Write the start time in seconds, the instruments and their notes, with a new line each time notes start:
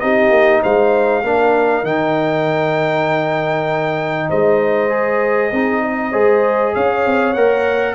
0.00 tuba C4, trombone D#4, horn G4, trumpet D#5
0.30 tuba A#3
0.61 tuba G#3, horn C5, trumpet F5
1.23 tuba A#3, trombone D4, horn A#4
1.83 tuba D#3, trombone D#4, trumpet G5
4.28 tuba G#3, horn C5, trumpet D#5
4.89 trombone G#4
5.51 tuba C4, trombone D#4, horn G#4
5.83 horn D#5
6.12 tuba G#3, trombone G#4, horn C5
6.74 tuba C#4, horn C#5, trumpet F5
7.05 tuba C4
7.33 tuba A#3, trombone A#4, trumpet F#5